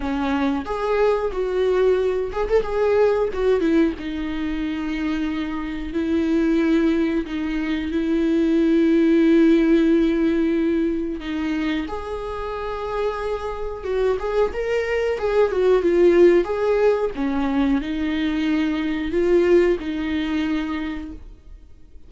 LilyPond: \new Staff \with { instrumentName = "viola" } { \time 4/4 \tempo 4 = 91 cis'4 gis'4 fis'4. gis'16 a'16 | gis'4 fis'8 e'8 dis'2~ | dis'4 e'2 dis'4 | e'1~ |
e'4 dis'4 gis'2~ | gis'4 fis'8 gis'8 ais'4 gis'8 fis'8 | f'4 gis'4 cis'4 dis'4~ | dis'4 f'4 dis'2 | }